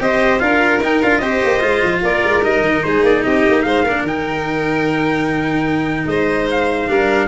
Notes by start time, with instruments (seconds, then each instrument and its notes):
0.00 tuba C4, cello G4, violin C5, trumpet D#5
0.39 tuba D4, cello F4, violin A#4, trumpet F5
0.81 tuba D#4, cello D#4, trumpet G5
1.03 tuba D4, cello F4, trumpet F5
1.19 tuba C4, cello G4, violin C5, trumpet D#5
1.44 tuba A#3
1.60 tuba G#3, cello F4
1.84 tuba F3
2.03 tuba A#3, violin A#4, trumpet D5
2.24 tuba G#3
2.43 tuba G3, cello D#4, trumpet D#5
2.61 tuba D#3
2.84 tuba G#3, violin G#4, trumpet C5
3.03 tuba A#3, trumpet D5
3.23 tuba C4, violin G4, trumpet D#5
3.47 tuba A#3
3.62 tuba G#3, violin C5, trumpet F5
3.84 tuba A#3, cello D4, violin A#4
4.02 tuba D#3, cello D#4, trumpet G5
6.06 tuba G#3, violin C5, trumpet D#5
6.51 trumpet F5
6.88 tuba G3, cello D4, violin A#4